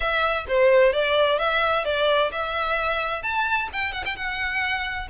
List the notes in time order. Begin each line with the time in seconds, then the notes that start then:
0.00 E5
0.48 C5
0.92 D5
1.38 E5
1.85 D5
2.31 E5
3.22 A5
3.73 G5
3.92 F#5
4.05 G5
4.16 F#5